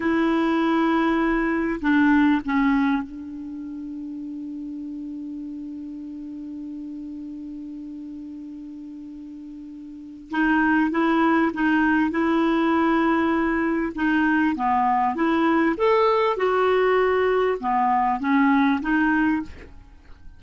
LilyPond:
\new Staff \with { instrumentName = "clarinet" } { \time 4/4 \tempo 4 = 99 e'2. d'4 | cis'4 d'2.~ | d'1~ | d'1~ |
d'4 dis'4 e'4 dis'4 | e'2. dis'4 | b4 e'4 a'4 fis'4~ | fis'4 b4 cis'4 dis'4 | }